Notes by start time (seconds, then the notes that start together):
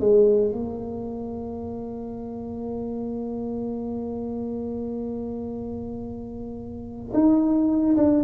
0.00 G#3
0.52 A#3
7.14 D#4
7.97 D4